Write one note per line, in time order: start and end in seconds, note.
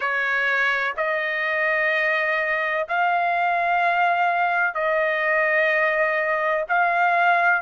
0.00 0.94 C#5
0.96 2.87 D#5
2.88 4.74 F5
4.74 6.65 D#5
6.68 7.61 F5